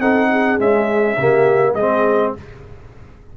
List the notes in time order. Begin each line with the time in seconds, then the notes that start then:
0.00 C4 D#4 A4 F#5
0.30 G#4
0.58 G#3 C#4 E5
1.17 C#3 A#3 G4
1.74 G#3 C4 G#4 D#5